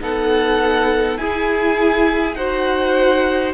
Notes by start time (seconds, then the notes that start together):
0.00 B3 D#4 A4 F#5
1.17 E4 G#4 G#5
2.34 D#4 F#4 C5 F#5